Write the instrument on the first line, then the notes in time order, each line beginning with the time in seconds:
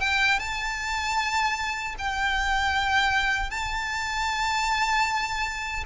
violin
0.00 G5
0.39 A5
1.98 G5
3.50 A5